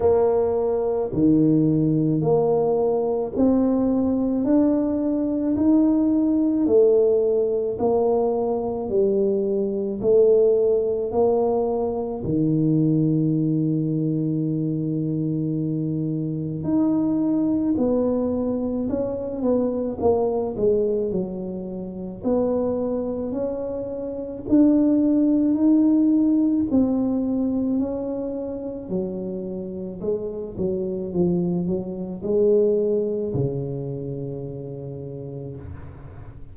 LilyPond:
\new Staff \with { instrumentName = "tuba" } { \time 4/4 \tempo 4 = 54 ais4 dis4 ais4 c'4 | d'4 dis'4 a4 ais4 | g4 a4 ais4 dis4~ | dis2. dis'4 |
b4 cis'8 b8 ais8 gis8 fis4 | b4 cis'4 d'4 dis'4 | c'4 cis'4 fis4 gis8 fis8 | f8 fis8 gis4 cis2 | }